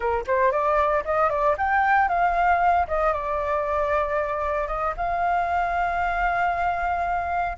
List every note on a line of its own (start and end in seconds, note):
0.00 0.24 A#4
0.27 0.51 C5
0.51 1.03 D5
1.04 1.29 D#5
1.29 1.55 D5
1.57 2.08 G5
2.08 2.86 F5
2.87 3.13 D#5
3.13 4.67 D5
4.67 4.93 D#5
4.96 7.57 F5